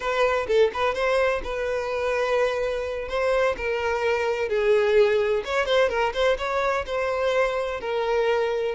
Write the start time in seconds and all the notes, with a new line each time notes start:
0.00 B4
0.47 A4
0.73 B4
0.94 C5
1.43 B4
3.08 C5
3.57 A#4
4.48 G#4
5.44 C#5
5.65 C5
5.89 A#4
6.13 C5
6.37 C#5
6.85 C5
7.80 A#4